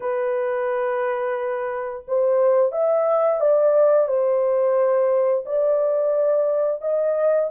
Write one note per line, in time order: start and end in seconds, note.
0.00 2.04 B4
2.07 2.72 C5
2.72 3.40 E5
3.40 4.07 D5
4.07 5.44 C5
5.45 6.81 D5
6.81 7.49 D#5